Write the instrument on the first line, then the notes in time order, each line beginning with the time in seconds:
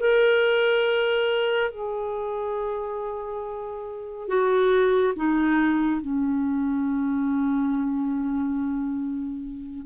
clarinet
0.00 A#4
1.71 G#4
4.28 F#4
5.16 D#4
6.02 C#4